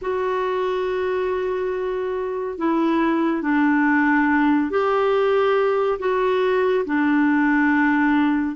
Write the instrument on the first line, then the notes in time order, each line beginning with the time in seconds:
clarinet
0.01 F#4
2.58 E4
3.41 D4
4.70 G4
5.99 F#4
6.85 D4